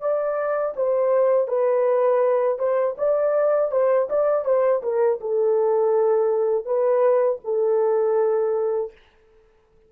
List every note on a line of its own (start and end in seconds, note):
0.00 0.74 D5
0.76 1.47 C5
1.47 2.58 B4
2.58 2.95 C5
2.98 3.71 D5
3.71 4.08 C5
4.09 4.45 D5
4.45 4.82 C5
4.82 5.20 A#4
5.20 6.65 A4
6.65 7.39 B4
7.44 8.92 A4